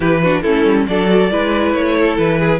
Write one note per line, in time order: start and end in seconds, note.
0.00 0.42 E3
0.00 0.21 E4
0.00 0.22 G4
0.00 0.42 B4
0.22 0.45 D4
0.22 0.42 F#4
0.42 0.65 A3
0.42 0.88 C#4
0.42 0.86 E4
0.42 0.85 A4
0.65 0.86 G3
0.87 1.31 F#3
0.87 1.08 D4
0.87 1.31 A4
0.87 1.73 D5
1.08 1.29 F#4
1.30 1.74 G#3
1.30 2.60 E4
1.30 1.96 B4
1.73 2.17 A3
1.73 2.16 C#5
1.96 2.38 A4
2.17 2.60 E3
2.17 2.60 B4
2.38 2.60 G#4